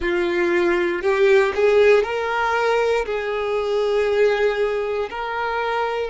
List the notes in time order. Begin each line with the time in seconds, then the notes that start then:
0.00 F4
1.02 G4
1.54 G#4
2.03 A#4
3.05 G#4
5.09 A#4